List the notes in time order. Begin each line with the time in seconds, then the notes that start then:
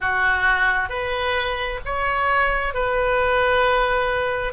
0.00 F#4
0.89 B4
1.85 C#5
2.74 B4